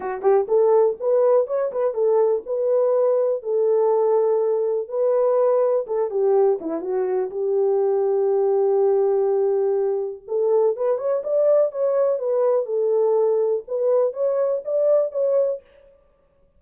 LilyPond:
\new Staff \with { instrumentName = "horn" } { \time 4/4 \tempo 4 = 123 fis'8 g'8 a'4 b'4 cis''8 b'8 | a'4 b'2 a'4~ | a'2 b'2 | a'8 g'4 e'8 fis'4 g'4~ |
g'1~ | g'4 a'4 b'8 cis''8 d''4 | cis''4 b'4 a'2 | b'4 cis''4 d''4 cis''4 | }